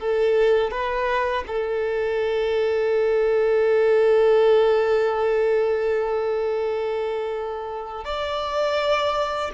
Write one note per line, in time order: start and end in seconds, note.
0.00 0.71 A4
0.71 1.44 B4
1.47 8.05 A4
8.05 9.51 D5